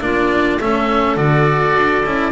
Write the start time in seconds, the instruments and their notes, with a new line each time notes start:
0.00 double bass A#3, cello D4, clarinet F4, oboe D5
0.60 double bass A3, cello C#4, clarinet A4, oboe E5
1.17 double bass D3, cello F#4, oboe D5
1.77 double bass D4
2.05 double bass C#4, cello E4